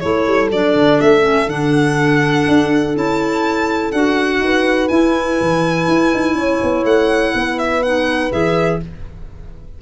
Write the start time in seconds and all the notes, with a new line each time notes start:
0.00 A3 E4 A4 C#5
0.27 G3
0.51 F#3 D4 D5
0.74 D3
1.01 A3 E5
1.21 C#4
1.47 D3 D4 F#5
2.48 D4
2.95 C#4 E4 A5
3.91 D4 F#4 F#5
4.40 D#4 B4
4.89 E4 G#5
5.41 E3
5.88 E4
6.14 D#4
6.35 C#4 C#5
6.63 B3
6.84 A3 F#5
7.34 B3 B4
7.59 E5
7.83 D#4 F#5
8.31 E3 G#4 E5